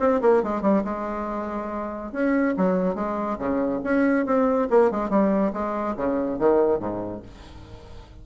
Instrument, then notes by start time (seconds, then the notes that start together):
bassoon
0.00 C4
0.22 A#3
0.44 G#3
0.62 G3
0.85 G#3
2.13 C#4
2.57 F#3
2.96 G#3
3.39 C#3
3.84 C#4
4.26 C4
4.70 A#3
4.91 G#3
5.10 G3
5.53 G#3
5.97 C#3
6.39 D#3
6.80 G#2